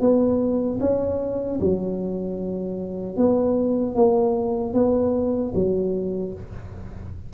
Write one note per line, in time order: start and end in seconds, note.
0.00 0.79 B3
0.80 1.59 C#4
1.60 3.17 F#3
3.17 3.95 B3
3.95 4.73 A#3
4.73 5.52 B3
5.54 6.33 F#3